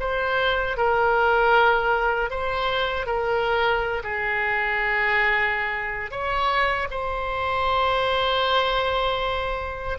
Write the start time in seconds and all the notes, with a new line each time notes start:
0.00 C5
0.77 A#4
2.30 C5
3.06 A#4
4.03 G#4
6.11 C#5
6.91 C5